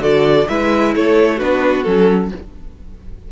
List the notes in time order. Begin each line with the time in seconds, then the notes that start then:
0.00 D3 F#4 A4 D5
0.49 G#3 E4 B4 E5
0.96 A3 A4 C#5
1.37 B3 D4 F#4 B4
1.83 F#3 C#4 A4